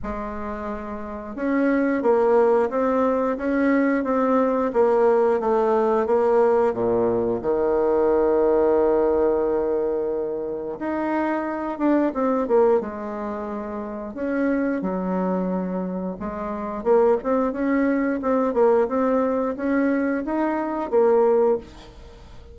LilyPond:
\new Staff \with { instrumentName = "bassoon" } { \time 4/4 \tempo 4 = 89 gis2 cis'4 ais4 | c'4 cis'4 c'4 ais4 | a4 ais4 ais,4 dis4~ | dis1 |
dis'4. d'8 c'8 ais8 gis4~ | gis4 cis'4 fis2 | gis4 ais8 c'8 cis'4 c'8 ais8 | c'4 cis'4 dis'4 ais4 | }